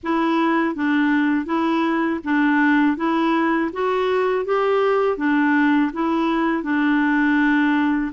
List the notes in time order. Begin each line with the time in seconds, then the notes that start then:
0.03 E4
0.75 D4
1.45 E4
2.24 D4
2.96 E4
3.72 F#4
4.45 G4
5.17 D4
5.93 E4
6.63 D4